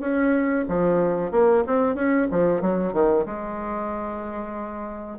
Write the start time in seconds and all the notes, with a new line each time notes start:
0.00 C#4
0.68 F3
1.31 A#3
1.66 C4
1.94 C#4
2.30 F3
2.61 F#3
2.93 D#3
3.25 G#3